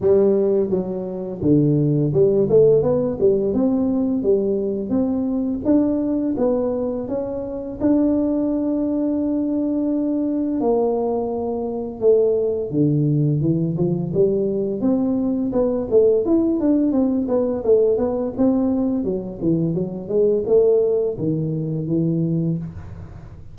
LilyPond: \new Staff \with { instrumentName = "tuba" } { \time 4/4 \tempo 4 = 85 g4 fis4 d4 g8 a8 | b8 g8 c'4 g4 c'4 | d'4 b4 cis'4 d'4~ | d'2. ais4~ |
ais4 a4 d4 e8 f8 | g4 c'4 b8 a8 e'8 d'8 | c'8 b8 a8 b8 c'4 fis8 e8 | fis8 gis8 a4 dis4 e4 | }